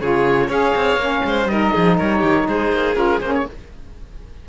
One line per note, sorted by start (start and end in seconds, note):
0.00 0.48 C#3
0.00 0.49 F4
0.00 0.47 G#4
0.00 0.50 C#5
0.47 0.73 C#4
0.47 0.99 G#4
0.47 1.21 C#5
0.47 1.47 F5
0.75 0.96 C4
0.96 1.21 A#3
0.96 1.48 C#4
1.24 1.45 G#3
1.24 1.51 C5
1.45 1.70 G3
1.45 2.95 D#4
1.45 1.73 A#4
1.45 1.97 D#5
1.73 2.00 F3
1.73 1.97 G#4
1.97 2.23 G3
1.97 2.18 A#4
1.97 2.48 C#5
2.18 2.48 D#3
2.18 2.43 G4
2.48 2.72 G#3
2.48 3.47 G#4
2.48 2.95 C5
2.72 2.95 A#3
2.95 3.20 C#4
2.95 3.19 F4
2.95 3.20 A#4
3.21 3.45 A#3
3.21 3.48 C#4
3.21 3.33 C5
3.34 3.46 C#5